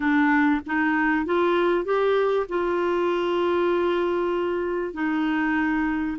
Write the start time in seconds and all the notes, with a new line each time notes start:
0.00 D4
0.66 D#4
1.25 F4
1.84 G4
2.49 F4
4.93 D#4